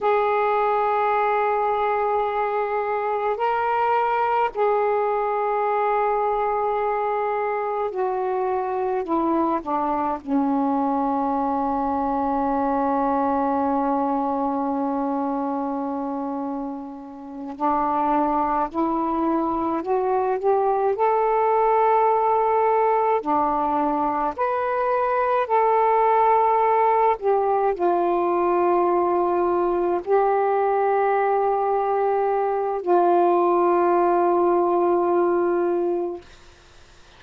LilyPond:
\new Staff \with { instrumentName = "saxophone" } { \time 4/4 \tempo 4 = 53 gis'2. ais'4 | gis'2. fis'4 | e'8 d'8 cis'2.~ | cis'2.~ cis'8 d'8~ |
d'8 e'4 fis'8 g'8 a'4.~ | a'8 d'4 b'4 a'4. | g'8 f'2 g'4.~ | g'4 f'2. | }